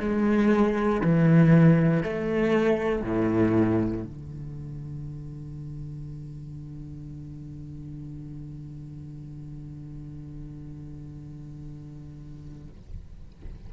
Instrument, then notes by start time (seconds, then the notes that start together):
cello
0.00 G#3
1.01 E3
2.03 A3
3.03 A2
4.04 D3